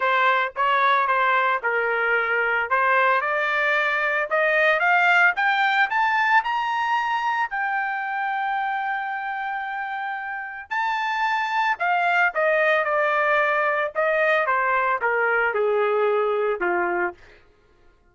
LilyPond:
\new Staff \with { instrumentName = "trumpet" } { \time 4/4 \tempo 4 = 112 c''4 cis''4 c''4 ais'4~ | ais'4 c''4 d''2 | dis''4 f''4 g''4 a''4 | ais''2 g''2~ |
g''1 | a''2 f''4 dis''4 | d''2 dis''4 c''4 | ais'4 gis'2 f'4 | }